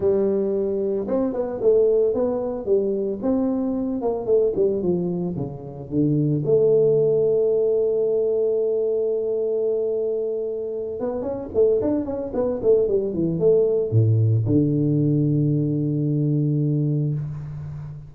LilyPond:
\new Staff \with { instrumentName = "tuba" } { \time 4/4 \tempo 4 = 112 g2 c'8 b8 a4 | b4 g4 c'4. ais8 | a8 g8 f4 cis4 d4 | a1~ |
a1~ | a8 b8 cis'8 a8 d'8 cis'8 b8 a8 | g8 e8 a4 a,4 d4~ | d1 | }